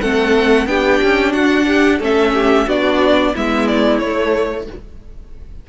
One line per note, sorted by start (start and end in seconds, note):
0.00 0.66 A3
0.00 0.67 C4
0.00 0.68 A4
0.00 0.67 F#5
0.66 0.99 B3
0.66 2.00 D4
0.66 1.32 G4
0.66 1.32 G5
1.03 1.34 C#4
1.32 2.00 D4
1.32 1.66 F#4
1.32 1.99 F#5
1.67 1.99 G4
1.99 2.66 A3
1.99 2.67 C#4
1.99 2.32 A4
1.99 2.69 E5
2.33 2.67 G4
2.67 3.34 B3
2.67 3.34 D4
2.67 3.33 F#4
2.67 3.35 D5
3.33 4.00 G#3
3.33 4.02 B3
3.33 4.66 E4
3.33 3.67 E5
3.67 3.98 D5
3.98 4.67 A3
3.98 4.69 A3
3.98 4.65 C#5